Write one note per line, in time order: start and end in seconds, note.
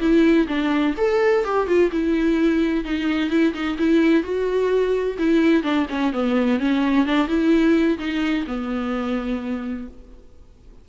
0.00 0.47 E4
0.48 0.95 D4
0.97 1.44 A4
1.44 1.67 G4
1.67 1.91 F4
1.92 2.85 E4
2.85 3.30 D#4
3.30 3.53 E4
3.54 3.77 D#4
3.79 4.23 E4
4.23 5.17 F#4
5.18 5.63 E4
5.63 5.87 D4
5.89 6.13 C#4
6.13 6.59 B3
6.59 7.06 C#4
7.06 7.28 D4
7.28 7.98 E4
7.99 8.45 D#4
8.47 9.88 B3